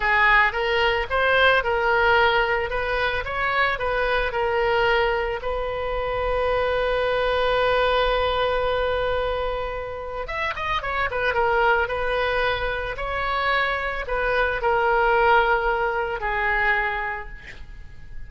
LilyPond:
\new Staff \with { instrumentName = "oboe" } { \time 4/4 \tempo 4 = 111 gis'4 ais'4 c''4 ais'4~ | ais'4 b'4 cis''4 b'4 | ais'2 b'2~ | b'1~ |
b'2. e''8 dis''8 | cis''8 b'8 ais'4 b'2 | cis''2 b'4 ais'4~ | ais'2 gis'2 | }